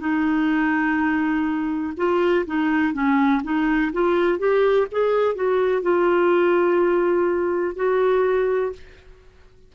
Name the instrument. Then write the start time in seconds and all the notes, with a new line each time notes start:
clarinet
0.00 D#4
1.98 F4
2.47 D#4
2.94 C#4
3.44 D#4
3.93 F4
4.39 G4
4.92 G#4
5.35 F#4
5.82 F4
7.76 F#4